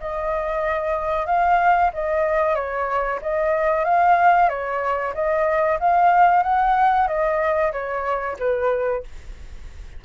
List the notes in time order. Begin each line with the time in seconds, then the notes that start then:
0.00 D#5
1.26 F5
1.93 D#5
2.55 C#5
3.21 D#5
3.84 F5
4.48 C#5
5.14 D#5
5.79 F5
6.43 F#5
7.07 D#5
7.72 C#5
8.38 B4